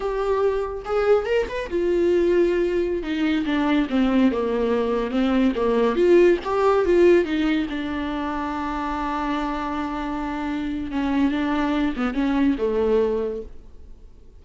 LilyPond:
\new Staff \with { instrumentName = "viola" } { \time 4/4 \tempo 4 = 143 g'2 gis'4 ais'8 b'8 | f'2.~ f'16 dis'8.~ | dis'16 d'4 c'4 ais4.~ ais16~ | ais16 c'4 ais4 f'4 g'8.~ |
g'16 f'4 dis'4 d'4.~ d'16~ | d'1~ | d'2 cis'4 d'4~ | d'8 b8 cis'4 a2 | }